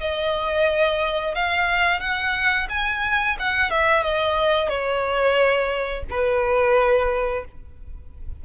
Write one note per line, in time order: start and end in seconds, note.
0.00 1.35 D#5
1.35 2.00 F5
2.00 2.68 F#5
2.70 3.37 G#5
3.39 3.70 F#5
3.70 4.03 E5
4.03 4.69 D#5
4.69 6.04 C#5
6.10 7.45 B4